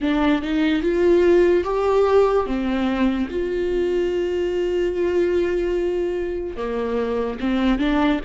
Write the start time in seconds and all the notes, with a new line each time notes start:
0.00 D4
0.41 D#4
0.82 F4
1.64 G4
2.46 C4
3.30 F4
6.56 A#3
7.40 C4
7.79 D4